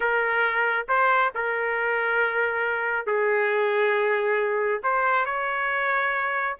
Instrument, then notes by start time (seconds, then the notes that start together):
trumpet
0.00 A#4
0.88 C5
1.34 A#4
3.06 G#4
4.83 C5
5.25 C#5